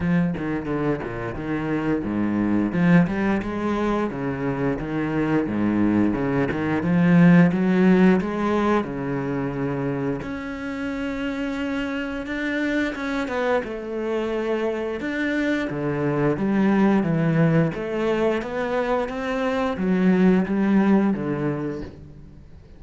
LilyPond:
\new Staff \with { instrumentName = "cello" } { \time 4/4 \tempo 4 = 88 f8 dis8 d8 ais,8 dis4 gis,4 | f8 g8 gis4 cis4 dis4 | gis,4 cis8 dis8 f4 fis4 | gis4 cis2 cis'4~ |
cis'2 d'4 cis'8 b8 | a2 d'4 d4 | g4 e4 a4 b4 | c'4 fis4 g4 d4 | }